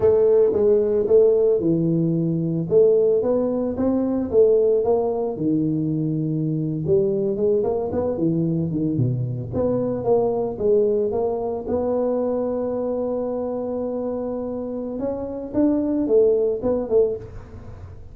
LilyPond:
\new Staff \with { instrumentName = "tuba" } { \time 4/4 \tempo 4 = 112 a4 gis4 a4 e4~ | e4 a4 b4 c'4 | a4 ais4 dis2~ | dis8. g4 gis8 ais8 b8 e8.~ |
e16 dis8 b,4 b4 ais4 gis16~ | gis8. ais4 b2~ b16~ | b1 | cis'4 d'4 a4 b8 a8 | }